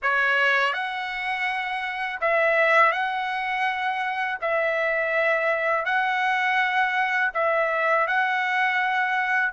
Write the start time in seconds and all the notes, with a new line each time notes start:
0.02 C#5
0.73 F#5
2.21 E5
2.91 F#5
4.41 E5
5.85 F#5
7.34 E5
8.07 F#5